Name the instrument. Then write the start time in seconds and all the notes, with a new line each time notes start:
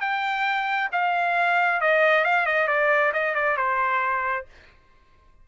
trumpet
0.00 G5
0.92 F5
1.80 D#5
2.24 F5
2.46 D#5
2.67 D5
3.13 D#5
3.35 D5
3.56 C5